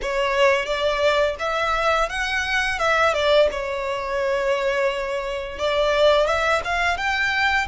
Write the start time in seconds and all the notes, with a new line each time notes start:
0.02 C#5
0.65 D5
1.39 E5
2.09 F#5
2.78 E5
3.13 D5
3.51 C#5
5.58 D5
6.26 E5
6.64 F5
6.97 G5